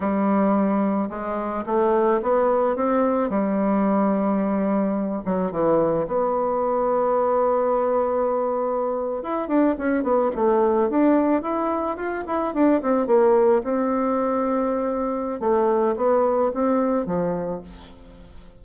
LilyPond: \new Staff \with { instrumentName = "bassoon" } { \time 4/4 \tempo 4 = 109 g2 gis4 a4 | b4 c'4 g2~ | g4. fis8 e4 b4~ | b1~ |
b8. e'8 d'8 cis'8 b8 a4 d'16~ | d'8. e'4 f'8 e'8 d'8 c'8 ais16~ | ais8. c'2.~ c'16 | a4 b4 c'4 f4 | }